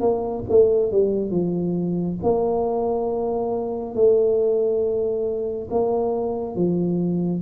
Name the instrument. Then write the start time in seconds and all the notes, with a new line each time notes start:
tuba
0.00 A#3
0.49 A3
0.91 G3
1.30 F3
2.23 A#3
3.94 A3
5.70 A#3
6.55 F3